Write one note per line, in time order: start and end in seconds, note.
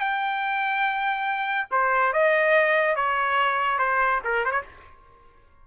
0.00 1.68 G5
1.71 2.13 C5
2.13 2.96 D#5
2.96 3.78 C#5
3.78 4.20 C5
4.24 4.45 A#4
4.45 4.51 C5
4.51 4.62 C#5